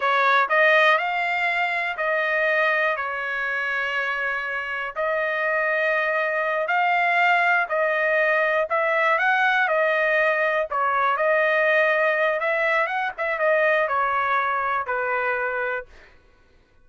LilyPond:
\new Staff \with { instrumentName = "trumpet" } { \time 4/4 \tempo 4 = 121 cis''4 dis''4 f''2 | dis''2 cis''2~ | cis''2 dis''2~ | dis''4. f''2 dis''8~ |
dis''4. e''4 fis''4 dis''8~ | dis''4. cis''4 dis''4.~ | dis''4 e''4 fis''8 e''8 dis''4 | cis''2 b'2 | }